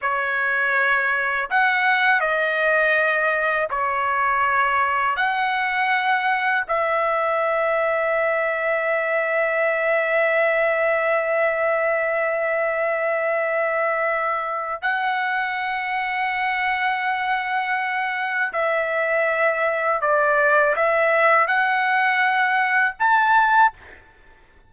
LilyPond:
\new Staff \with { instrumentName = "trumpet" } { \time 4/4 \tempo 4 = 81 cis''2 fis''4 dis''4~ | dis''4 cis''2 fis''4~ | fis''4 e''2.~ | e''1~ |
e''1 | fis''1~ | fis''4 e''2 d''4 | e''4 fis''2 a''4 | }